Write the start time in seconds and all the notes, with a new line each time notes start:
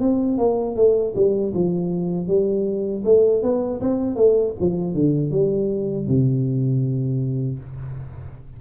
0.00 C4
0.38 A#3
0.76 A3
1.16 G3
1.54 F3
2.28 G3
3.04 A3
3.43 B3
3.81 C4
4.16 A3
4.60 F3
4.94 D3
5.31 G3
6.07 C3